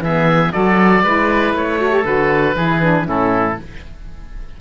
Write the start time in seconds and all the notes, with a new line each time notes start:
0.00 E3 B3 G#4 E5
0.53 F#3 F#4 A4 D5
1.03 G#3 E4 B4
1.54 A3 C#5
1.80 F#4 A4
1.91 G4
2.04 D3 F#4 B4
2.57 E3 E4 G#4
2.83 D4
3.05 A2 C#4 E4 A4